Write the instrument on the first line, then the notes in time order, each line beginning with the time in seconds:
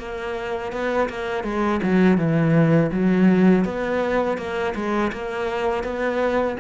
cello
0.00 A#3
0.73 B3
1.09 A#3
1.44 G#3
1.84 F#3
2.18 E3
2.93 F#3
3.65 B3
4.38 A#3
4.76 G#3
5.13 A#3
5.84 B3